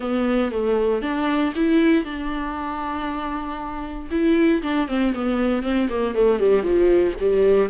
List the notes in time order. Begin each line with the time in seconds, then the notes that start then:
0.00 B3
0.51 A3
1.01 D4
1.55 E4
2.04 D4
4.10 E4
4.62 D4
4.88 C4
5.14 B3
5.62 C4
5.89 A#3
6.14 A3
6.39 G3
6.62 F3
7.20 G3